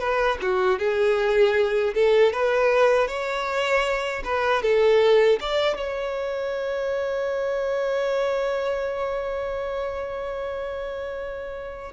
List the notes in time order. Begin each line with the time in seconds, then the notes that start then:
0.00 B4
0.42 F#4
0.79 G#4
1.95 A4
2.33 B4
3.08 C#5
4.24 B4
4.63 A4
5.41 D5
5.77 C#5